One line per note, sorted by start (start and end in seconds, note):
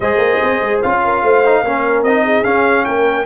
0.00 0.17 G#3
0.00 0.84 G#4
0.00 1.01 C5
0.00 0.80 D#5
0.17 0.37 A#3
0.42 0.61 C4
0.61 0.81 G#3
0.81 1.23 C#4
0.81 1.44 F4
0.81 2.03 F5
1.04 1.23 A#4
1.23 1.62 A3
1.23 1.64 C5
1.44 1.65 D#4
1.62 2.02 A#3
1.62 2.06 C#4
1.62 2.24 A#4
2.02 2.43 C4
2.02 2.44 D#4
2.02 2.44 D#5
2.24 2.85 G#4
2.44 3.25 C#4
2.44 2.85 C#4
2.44 2.84 F5
2.84 3.26 A#3
2.84 3.26 A#4
2.84 3.25 G5